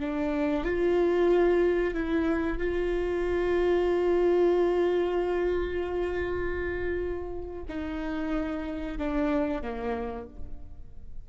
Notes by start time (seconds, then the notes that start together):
0.00 D4
0.65 F4
1.94 E4
2.58 F4
7.69 D#4
8.98 D4
9.62 A#3